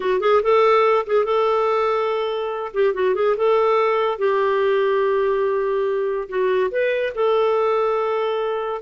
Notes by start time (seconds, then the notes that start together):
0.00 F#4
0.20 G#4
0.42 A4
1.06 G#4
1.25 A4
2.73 G4
2.94 F#4
3.14 G#4
3.36 A4
4.18 G4
6.28 F#4
6.71 B4
7.14 A4